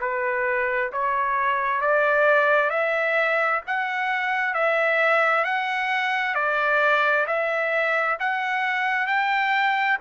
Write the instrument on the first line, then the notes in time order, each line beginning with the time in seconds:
trumpet
0.00 B4
0.92 C#5
1.81 D5
2.70 E5
3.67 F#5
4.54 E5
5.44 F#5
6.35 D5
7.26 E5
8.19 F#5
9.07 G5